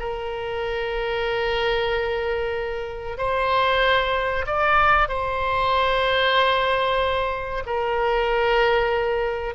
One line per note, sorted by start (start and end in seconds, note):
0.00 3.18 A#4
3.18 4.46 C5
4.47 5.09 D5
5.09 7.64 C5
7.66 9.55 A#4